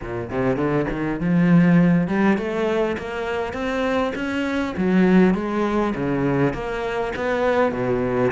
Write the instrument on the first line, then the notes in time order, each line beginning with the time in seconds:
cello
0.01 A#2
0.30 C3
0.56 D3
0.90 D#3
1.20 F3
2.07 G3
2.37 A3
2.97 A#3
3.53 C4
4.15 C#4
4.77 F#3
5.34 G#3
5.95 C#3
6.53 A#3
7.16 B3
7.71 B2